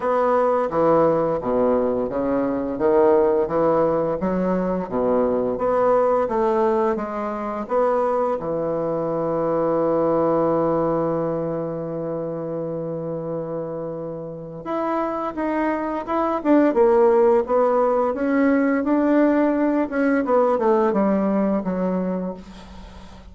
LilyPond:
\new Staff \with { instrumentName = "bassoon" } { \time 4/4 \tempo 4 = 86 b4 e4 b,4 cis4 | dis4 e4 fis4 b,4 | b4 a4 gis4 b4 | e1~ |
e1~ | e4 e'4 dis'4 e'8 d'8 | ais4 b4 cis'4 d'4~ | d'8 cis'8 b8 a8 g4 fis4 | }